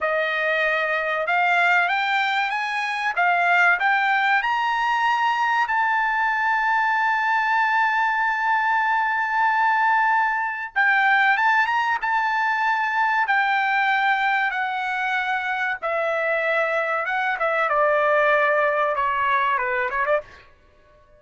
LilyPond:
\new Staff \with { instrumentName = "trumpet" } { \time 4/4 \tempo 4 = 95 dis''2 f''4 g''4 | gis''4 f''4 g''4 ais''4~ | ais''4 a''2.~ | a''1~ |
a''4 g''4 a''8 ais''8 a''4~ | a''4 g''2 fis''4~ | fis''4 e''2 fis''8 e''8 | d''2 cis''4 b'8 cis''16 d''16 | }